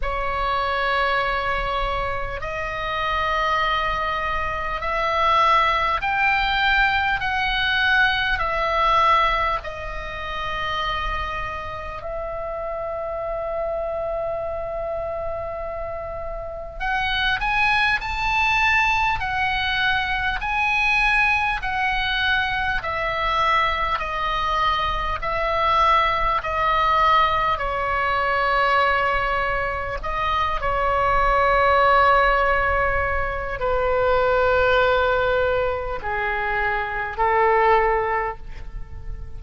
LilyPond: \new Staff \with { instrumentName = "oboe" } { \time 4/4 \tempo 4 = 50 cis''2 dis''2 | e''4 g''4 fis''4 e''4 | dis''2 e''2~ | e''2 fis''8 gis''8 a''4 |
fis''4 gis''4 fis''4 e''4 | dis''4 e''4 dis''4 cis''4~ | cis''4 dis''8 cis''2~ cis''8 | b'2 gis'4 a'4 | }